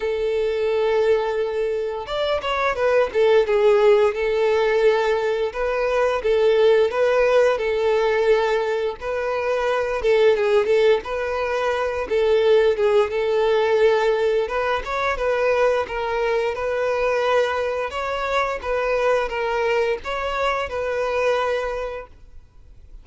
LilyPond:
\new Staff \with { instrumentName = "violin" } { \time 4/4 \tempo 4 = 87 a'2. d''8 cis''8 | b'8 a'8 gis'4 a'2 | b'4 a'4 b'4 a'4~ | a'4 b'4. a'8 gis'8 a'8 |
b'4. a'4 gis'8 a'4~ | a'4 b'8 cis''8 b'4 ais'4 | b'2 cis''4 b'4 | ais'4 cis''4 b'2 | }